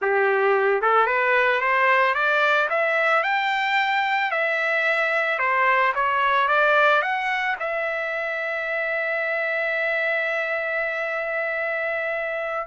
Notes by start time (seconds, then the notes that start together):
0.01 G4
0.81 A4
1.06 B4
1.60 C5
2.14 D5
2.69 E5
3.23 G5
4.31 E5
5.39 C5
5.94 C#5
6.48 D5
7.01 F#5
7.59 E5